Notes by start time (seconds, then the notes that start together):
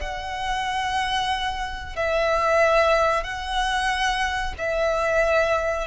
0.00 F#5
1.96 E5
3.23 F#5
4.57 E5